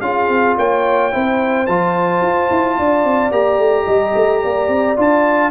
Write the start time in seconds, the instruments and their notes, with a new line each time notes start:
0.00 tuba C#4, trombone F4, horn G#4, trumpet F5
0.28 tuba C4
0.57 tuba A#3, horn C#5, trumpet G5
1.11 tuba C4, trombone E4, horn C5
1.66 tuba F3, trombone F4, trumpet A5
2.21 tuba F4
2.50 tuba E4
2.78 tuba D4, horn D5
3.04 tuba C4
3.31 tuba A#3, trombone G4, trumpet A#5
3.58 tuba A3
3.85 tuba G3, horn D#5
4.15 tuba A3
4.42 tuba A#3, horn D5
4.68 tuba C4
4.96 tuba D4, trombone F4, trumpet A5